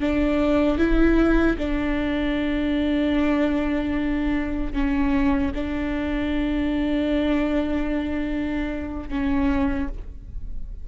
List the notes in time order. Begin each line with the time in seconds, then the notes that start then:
0.00 D4
0.78 E4
1.58 D4
4.73 C#4
5.55 D4
9.09 C#4